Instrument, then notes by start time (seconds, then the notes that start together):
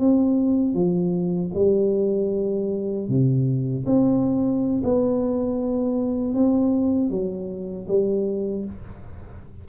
tuba
0.00 C4
0.74 F3
1.55 G3
3.09 C3
3.86 C4
4.84 B3
6.35 C4
7.10 F#3
7.88 G3